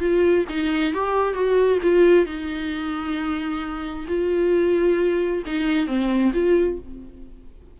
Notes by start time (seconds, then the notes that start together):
0.00 F4
0.49 D#4
0.94 G4
1.34 F#4
1.83 F4
2.26 D#4
4.08 F4
5.46 D#4
5.87 C4
6.34 F4